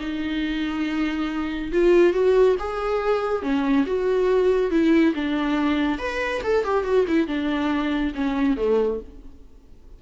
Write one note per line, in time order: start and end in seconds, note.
0.00 1.71 D#4
1.72 2.13 F4
2.13 2.56 F#4
2.59 3.42 G#4
3.42 3.85 C#4
3.86 4.71 F#4
4.71 5.14 E4
5.15 5.99 D4
5.99 6.41 B4
6.43 6.64 A4
6.64 6.84 G4
6.84 7.06 F#4
7.07 7.27 E4
7.27 8.13 D4
8.15 8.57 C#4
8.57 9.00 A3